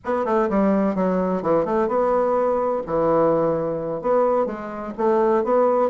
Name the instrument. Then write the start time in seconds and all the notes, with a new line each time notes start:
bassoon
0.04 B3
0.25 A3
0.49 G3
0.95 F#3
1.42 E3
1.65 A3
1.88 B3
2.86 E3
4.01 B3
4.45 G#3
4.97 A3
5.44 B3